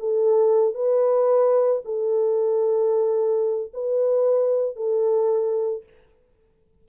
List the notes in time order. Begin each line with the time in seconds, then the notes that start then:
0.00 A4
0.75 B4
1.85 A4
3.74 B4
4.76 A4